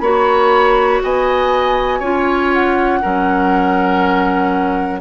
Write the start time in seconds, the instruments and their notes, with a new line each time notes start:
0.00 bassoon A#3, clarinet F#4, oboe C#5, flute B5
1.03 bassoon B3, oboe D#5, flute G#5
1.99 bassoon C#4, clarinet F4, oboe C#5
2.53 flute F#5
3.02 bassoon F#3, clarinet C#4, oboe A#4